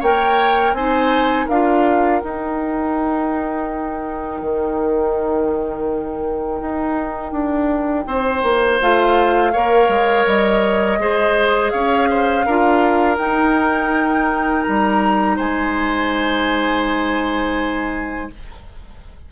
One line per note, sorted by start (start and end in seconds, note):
0.00 0.73 A#3
0.00 0.78 A#4
0.00 0.73 C#5
0.00 0.74 G5
0.73 1.46 C4
0.73 1.51 D#4
0.73 1.46 C5
0.73 1.47 G#5
1.46 2.22 D4
1.46 2.23 F4
1.46 8.05 A#4
1.46 2.20 F5
2.20 8.82 D#4
2.20 4.42 D#4
2.20 8.79 G5
4.42 6.61 D#3
6.61 7.32 D#4
7.32 8.05 D4
8.07 8.43 C4
8.07 9.53 C5
8.43 8.80 A#3
8.82 9.55 A3
8.82 9.54 F4
8.82 10.27 F5
9.53 9.89 A#3
9.53 11.00 A#4
9.53 10.99 C#5
9.89 10.25 G#3
10.27 10.99 G3
10.27 11.71 D#5
10.99 11.72 G#3
10.99 12.46 G#4
10.99 11.73 C5
11.71 12.47 C#4
11.71 12.09 C#5
11.71 13.17 F5
12.10 12.46 C5
12.46 13.18 D4
12.46 13.18 F4
12.46 15.36 A#4
13.18 18.30 D#4
13.18 14.65 D#4
13.18 14.63 G5
14.63 15.39 G3
14.63 15.36 A#5
15.36 18.31 G#3
15.36 18.29 C5
15.36 18.32 G#5